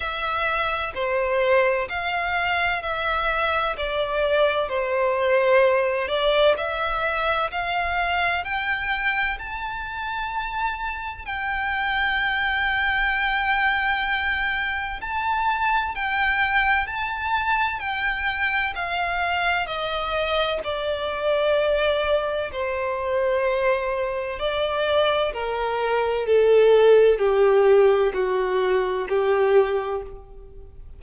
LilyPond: \new Staff \with { instrumentName = "violin" } { \time 4/4 \tempo 4 = 64 e''4 c''4 f''4 e''4 | d''4 c''4. d''8 e''4 | f''4 g''4 a''2 | g''1 |
a''4 g''4 a''4 g''4 | f''4 dis''4 d''2 | c''2 d''4 ais'4 | a'4 g'4 fis'4 g'4 | }